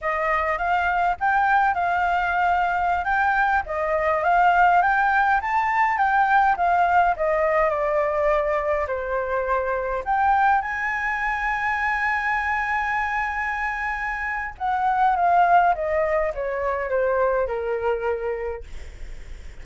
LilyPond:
\new Staff \with { instrumentName = "flute" } { \time 4/4 \tempo 4 = 103 dis''4 f''4 g''4 f''4~ | f''4~ f''16 g''4 dis''4 f''8.~ | f''16 g''4 a''4 g''4 f''8.~ | f''16 dis''4 d''2 c''8.~ |
c''4~ c''16 g''4 gis''4.~ gis''16~ | gis''1~ | gis''4 fis''4 f''4 dis''4 | cis''4 c''4 ais'2 | }